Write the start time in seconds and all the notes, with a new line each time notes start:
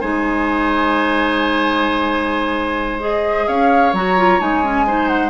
0.00 G#3 D#4 C5 G#5
3.00 G#4 D#5
3.47 C#4 C#5 F5
3.93 F#3 F#4 A#5
4.17 F4
4.40 G#3 D#4 G#5
4.64 C#4
4.87 D#4 C5
5.08 F#5